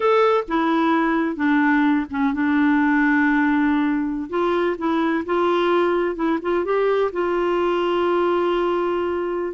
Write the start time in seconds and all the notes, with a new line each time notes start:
0.00 A4
0.48 E4
1.36 D4
2.10 C#4
2.33 D4
4.29 F4
4.77 E4
5.25 F4
6.15 E4
6.41 F4
6.64 G4
7.12 F4